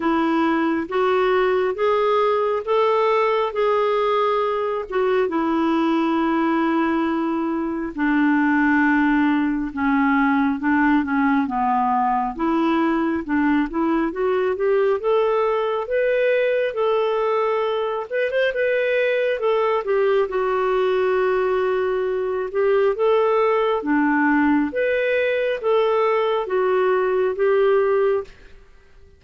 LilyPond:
\new Staff \with { instrumentName = "clarinet" } { \time 4/4 \tempo 4 = 68 e'4 fis'4 gis'4 a'4 | gis'4. fis'8 e'2~ | e'4 d'2 cis'4 | d'8 cis'8 b4 e'4 d'8 e'8 |
fis'8 g'8 a'4 b'4 a'4~ | a'8 b'16 c''16 b'4 a'8 g'8 fis'4~ | fis'4. g'8 a'4 d'4 | b'4 a'4 fis'4 g'4 | }